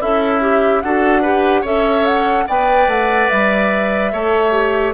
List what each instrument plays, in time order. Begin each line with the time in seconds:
0.00 bassoon C#4, oboe E4, clarinet A4, flute E5
0.41 clarinet G4
0.82 bassoon D4, clarinet F#4, oboe A4, flute F#5
1.21 clarinet G4, oboe B4
1.61 bassoon C#4, clarinet A4, oboe C#5, flute E5
2.06 flute F#5
2.47 bassoon B3, clarinet B4, oboe D5, flute G5
2.87 bassoon A3, flute F#5
3.29 bassoon G3, flute E5
4.12 bassoon A3, clarinet A4, oboe C#5
4.52 clarinet G4